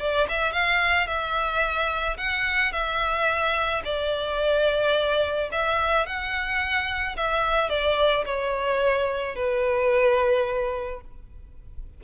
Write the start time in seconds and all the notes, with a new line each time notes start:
0.00 D5
0.29 E5
0.52 F5
1.07 E5
2.17 F#5
2.72 E5
3.85 D5
5.52 E5
6.06 F#5
7.17 E5
7.69 D5
8.26 C#5
9.36 B4